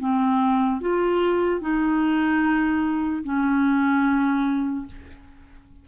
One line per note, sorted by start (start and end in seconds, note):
0.00 0.81 C4
0.81 1.61 F4
1.61 3.23 D#4
3.24 4.86 C#4